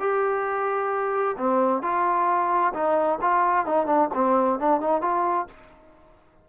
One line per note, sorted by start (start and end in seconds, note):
0.00 1.36 G4
1.38 1.82 C4
1.82 2.73 F4
2.74 3.19 D#4
3.21 3.66 F4
3.66 3.86 D#4
3.86 4.09 D4
4.14 4.60 C4
4.60 4.81 D4
4.81 5.01 D#4
5.01 5.47 F4